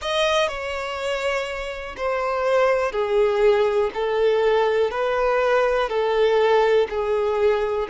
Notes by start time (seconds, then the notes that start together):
0.01 D#5
0.48 C#5
1.97 C5
2.92 G#4
3.93 A4
4.90 B4
5.89 A4
6.89 G#4